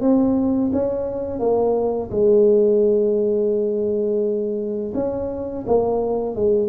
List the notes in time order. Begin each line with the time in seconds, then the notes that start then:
0.00 C4
0.72 C#4
1.39 A#3
2.10 G#3
4.94 C#4
5.66 A#3
6.35 G#3